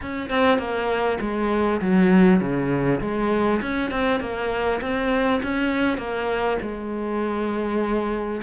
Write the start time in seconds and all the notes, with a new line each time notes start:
0.01 C#4
0.29 C4
0.58 A#3
1.21 G#3
1.81 F#3
2.40 C#3
3.00 G#3
3.61 C#4
3.90 C4
4.20 A#3
4.81 C4
5.42 C#4
5.97 A#3
6.61 G#3